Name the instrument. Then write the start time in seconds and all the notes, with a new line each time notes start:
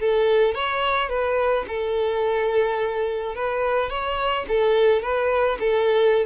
violin
0.00 A4
0.55 C#5
1.10 B4
1.68 A4
3.35 B4
3.90 C#5
4.48 A4
5.02 B4
5.60 A4